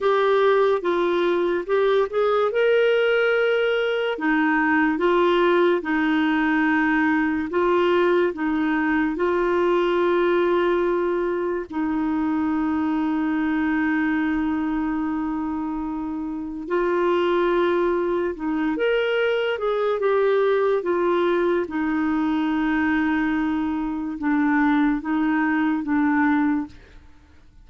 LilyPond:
\new Staff \with { instrumentName = "clarinet" } { \time 4/4 \tempo 4 = 72 g'4 f'4 g'8 gis'8 ais'4~ | ais'4 dis'4 f'4 dis'4~ | dis'4 f'4 dis'4 f'4~ | f'2 dis'2~ |
dis'1 | f'2 dis'8 ais'4 gis'8 | g'4 f'4 dis'2~ | dis'4 d'4 dis'4 d'4 | }